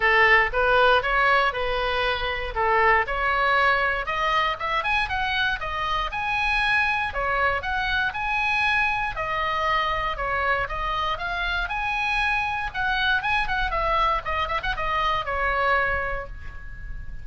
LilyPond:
\new Staff \with { instrumentName = "oboe" } { \time 4/4 \tempo 4 = 118 a'4 b'4 cis''4 b'4~ | b'4 a'4 cis''2 | dis''4 e''8 gis''8 fis''4 dis''4 | gis''2 cis''4 fis''4 |
gis''2 dis''2 | cis''4 dis''4 f''4 gis''4~ | gis''4 fis''4 gis''8 fis''8 e''4 | dis''8 e''16 fis''16 dis''4 cis''2 | }